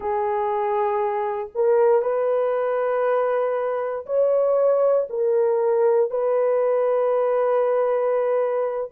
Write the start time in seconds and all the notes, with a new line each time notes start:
0.00 G#4
1.54 A#4
2.02 B4
4.05 C#5
5.09 A#4
6.10 B4